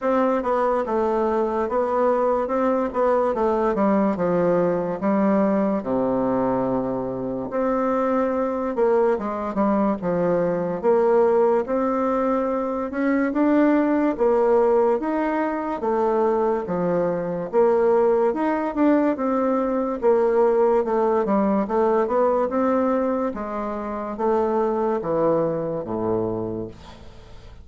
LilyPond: \new Staff \with { instrumentName = "bassoon" } { \time 4/4 \tempo 4 = 72 c'8 b8 a4 b4 c'8 b8 | a8 g8 f4 g4 c4~ | c4 c'4. ais8 gis8 g8 | f4 ais4 c'4. cis'8 |
d'4 ais4 dis'4 a4 | f4 ais4 dis'8 d'8 c'4 | ais4 a8 g8 a8 b8 c'4 | gis4 a4 e4 a,4 | }